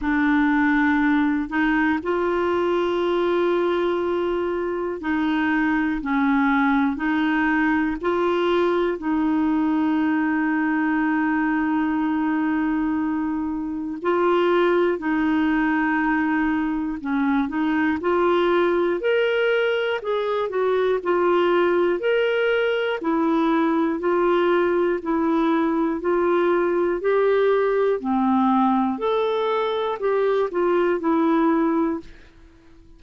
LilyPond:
\new Staff \with { instrumentName = "clarinet" } { \time 4/4 \tempo 4 = 60 d'4. dis'8 f'2~ | f'4 dis'4 cis'4 dis'4 | f'4 dis'2.~ | dis'2 f'4 dis'4~ |
dis'4 cis'8 dis'8 f'4 ais'4 | gis'8 fis'8 f'4 ais'4 e'4 | f'4 e'4 f'4 g'4 | c'4 a'4 g'8 f'8 e'4 | }